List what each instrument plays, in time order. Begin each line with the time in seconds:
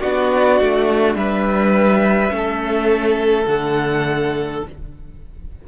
0.00 cello B3, viola D4, violin F#4 D5
0.60 cello A3
1.14 cello G3, violin B4 E5
2.29 cello A3, viola C#4
2.37 violin A4
3.46 cello D3, viola A3, violin F#5